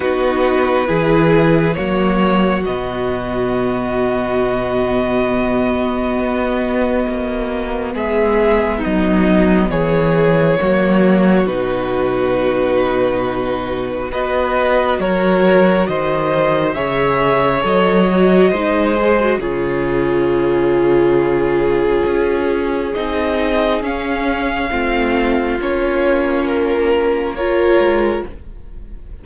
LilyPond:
<<
  \new Staff \with { instrumentName = "violin" } { \time 4/4 \tempo 4 = 68 b'2 cis''4 dis''4~ | dis''1~ | dis''4 e''4 dis''4 cis''4~ | cis''4 b'2. |
dis''4 cis''4 dis''4 e''4 | dis''2 cis''2~ | cis''2 dis''4 f''4~ | f''4 cis''4 ais'4 cis''4 | }
  \new Staff \with { instrumentName = "violin" } { \time 4/4 fis'4 gis'4 fis'2~ | fis'1~ | fis'4 gis'4 dis'4 gis'4 | fis'1 |
b'4 ais'4 c''4 cis''4~ | cis''4 c''4 gis'2~ | gis'1 | f'2. ais'4 | }
  \new Staff \with { instrumentName = "viola" } { \time 4/4 dis'4 e'4 ais4 b4~ | b1~ | b1 | ais4 dis'2. |
fis'2. gis'4 | a'8 fis'8 dis'8 gis'16 fis'16 f'2~ | f'2 dis'4 cis'4 | c'4 cis'2 f'4 | }
  \new Staff \with { instrumentName = "cello" } { \time 4/4 b4 e4 fis4 b,4~ | b,2. b4 | ais4 gis4 fis4 e4 | fis4 b,2. |
b4 fis4 dis4 cis4 | fis4 gis4 cis2~ | cis4 cis'4 c'4 cis'4 | a4 ais2~ ais8 gis8 | }
>>